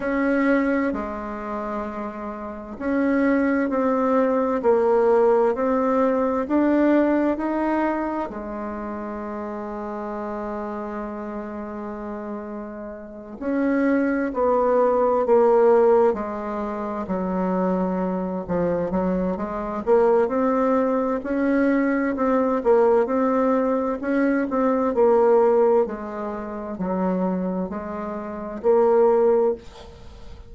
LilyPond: \new Staff \with { instrumentName = "bassoon" } { \time 4/4 \tempo 4 = 65 cis'4 gis2 cis'4 | c'4 ais4 c'4 d'4 | dis'4 gis2.~ | gis2~ gis8 cis'4 b8~ |
b8 ais4 gis4 fis4. | f8 fis8 gis8 ais8 c'4 cis'4 | c'8 ais8 c'4 cis'8 c'8 ais4 | gis4 fis4 gis4 ais4 | }